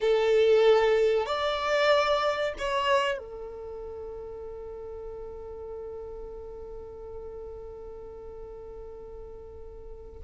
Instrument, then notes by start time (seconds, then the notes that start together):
violin
0.00 A4
1.26 D5
2.58 C#5
3.18 A4